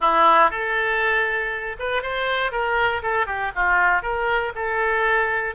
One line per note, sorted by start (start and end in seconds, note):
0.00 0.50 E4
0.50 1.76 A4
1.79 2.02 B4
2.02 2.51 C5
2.51 3.02 A#4
3.02 3.26 A4
3.26 3.51 G4
3.55 4.02 F4
4.02 4.52 A#4
4.55 5.55 A4